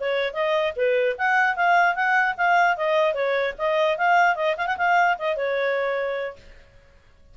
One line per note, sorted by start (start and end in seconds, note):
0.00 0.33 C#5
0.33 0.73 D#5
0.76 1.16 B4
1.18 1.56 F#5
1.56 1.95 F5
1.95 2.35 F#5
2.37 2.77 F5
2.77 3.14 D#5
3.14 3.54 C#5
3.58 3.98 D#5
3.98 4.36 F5
4.36 4.56 D#5
4.57 4.67 F5
4.67 4.77 F#5
4.77 5.17 F5
5.19 5.37 D#5
5.37 6.37 C#5